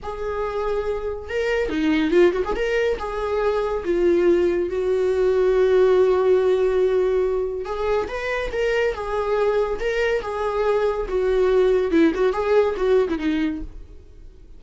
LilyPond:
\new Staff \with { instrumentName = "viola" } { \time 4/4 \tempo 4 = 141 gis'2. ais'4 | dis'4 f'8 fis'16 gis'16 ais'4 gis'4~ | gis'4 f'2 fis'4~ | fis'1~ |
fis'2 gis'4 b'4 | ais'4 gis'2 ais'4 | gis'2 fis'2 | e'8 fis'8 gis'4 fis'8. e'16 dis'4 | }